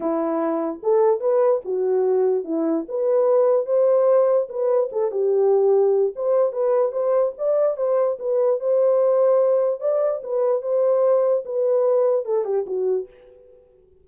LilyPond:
\new Staff \with { instrumentName = "horn" } { \time 4/4 \tempo 4 = 147 e'2 a'4 b'4 | fis'2 e'4 b'4~ | b'4 c''2 b'4 | a'8 g'2~ g'8 c''4 |
b'4 c''4 d''4 c''4 | b'4 c''2. | d''4 b'4 c''2 | b'2 a'8 g'8 fis'4 | }